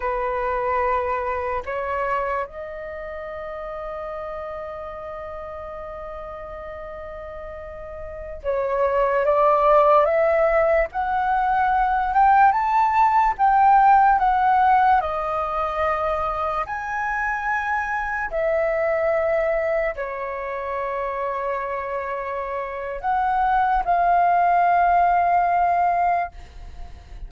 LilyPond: \new Staff \with { instrumentName = "flute" } { \time 4/4 \tempo 4 = 73 b'2 cis''4 dis''4~ | dis''1~ | dis''2~ dis''16 cis''4 d''8.~ | d''16 e''4 fis''4. g''8 a''8.~ |
a''16 g''4 fis''4 dis''4.~ dis''16~ | dis''16 gis''2 e''4.~ e''16~ | e''16 cis''2.~ cis''8. | fis''4 f''2. | }